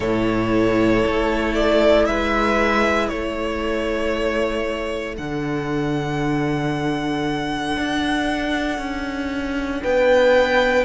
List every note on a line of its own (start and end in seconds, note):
0.00 1.03 A2
0.00 5.17 E4
0.00 2.06 A4
0.00 1.54 C#5
1.05 2.07 A3
1.54 2.06 D5
2.06 3.11 G#3
2.06 3.09 B4
2.06 3.08 E5
3.08 5.18 A3
3.08 9.82 A4
3.08 5.15 C#5
5.17 7.76 D3
5.17 10.84 D4
5.17 9.82 F#5
7.76 8.78 D4
8.78 9.81 C#4
9.82 10.84 B3
9.82 10.84 B4
9.82 10.84 G5